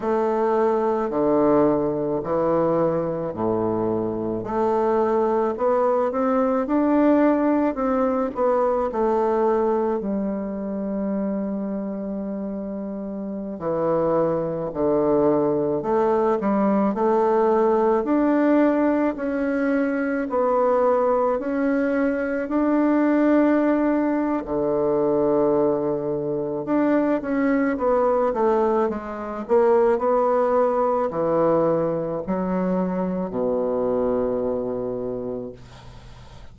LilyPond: \new Staff \with { instrumentName = "bassoon" } { \time 4/4 \tempo 4 = 54 a4 d4 e4 a,4 | a4 b8 c'8 d'4 c'8 b8 | a4 g2.~ | g16 e4 d4 a8 g8 a8.~ |
a16 d'4 cis'4 b4 cis'8.~ | cis'16 d'4.~ d'16 d2 | d'8 cis'8 b8 a8 gis8 ais8 b4 | e4 fis4 b,2 | }